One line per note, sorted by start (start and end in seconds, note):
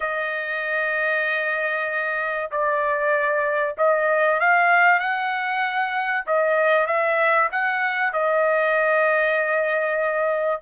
0.00 2.50 D#5
2.51 3.76 D5
3.77 4.39 D#5
4.39 4.99 F5
4.99 6.24 F#5
6.26 6.86 D#5
6.86 7.49 E5
7.51 8.12 F#5
8.12 10.61 D#5